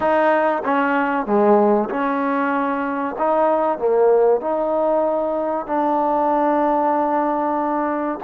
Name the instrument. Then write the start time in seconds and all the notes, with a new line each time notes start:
trombone
0.00 D#4
0.64 C#4
1.26 G#3
1.89 C#4
3.18 D#4
3.78 A#3
4.40 D#4
5.66 D4